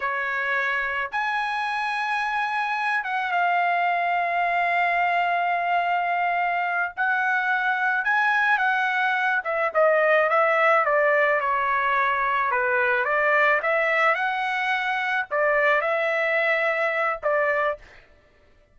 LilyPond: \new Staff \with { instrumentName = "trumpet" } { \time 4/4 \tempo 4 = 108 cis''2 gis''2~ | gis''4. fis''8 f''2~ | f''1~ | f''8 fis''2 gis''4 fis''8~ |
fis''4 e''8 dis''4 e''4 d''8~ | d''8 cis''2 b'4 d''8~ | d''8 e''4 fis''2 d''8~ | d''8 e''2~ e''8 d''4 | }